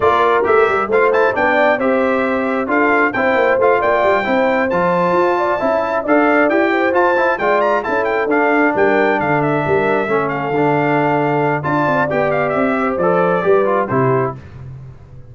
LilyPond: <<
  \new Staff \with { instrumentName = "trumpet" } { \time 4/4 \tempo 4 = 134 d''4 e''4 f''8 a''8 g''4 | e''2 f''4 g''4 | f''8 g''2 a''4.~ | a''4. f''4 g''4 a''8~ |
a''8 g''8 ais''8 a''8 g''8 f''4 g''8~ | g''8 f''8 e''2 f''4~ | f''2 a''4 g''8 f''8 | e''4 d''2 c''4 | }
  \new Staff \with { instrumentName = "horn" } { \time 4/4 ais'2 c''4 d''4 | c''2 a'4 c''4~ | c''8 d''4 c''2~ c''8 | d''8 e''4 d''4. c''4~ |
c''8 d''4 a'2 ais'8~ | ais'8 a'4 ais'4 a'4.~ | a'2 d''2~ | d''8 c''4. b'4 g'4 | }
  \new Staff \with { instrumentName = "trombone" } { \time 4/4 f'4 g'4 f'8 e'8 d'4 | g'2 f'4 e'4 | f'4. e'4 f'4.~ | f'8 e'4 a'4 g'4 f'8 |
e'8 f'4 e'4 d'4.~ | d'2~ d'8 cis'4 d'8~ | d'2 f'4 g'4~ | g'4 a'4 g'8 f'8 e'4 | }
  \new Staff \with { instrumentName = "tuba" } { \time 4/4 ais4 a8 g8 a4 b4 | c'2 d'4 c'8 ais8 | a8 ais8 g8 c'4 f4 f'8~ | f'8 cis'4 d'4 e'4 f'8~ |
f'8 gis4 cis'4 d'4 g8~ | g8 d4 g4 a4 d8~ | d2 d'8 c'8 b4 | c'4 f4 g4 c4 | }
>>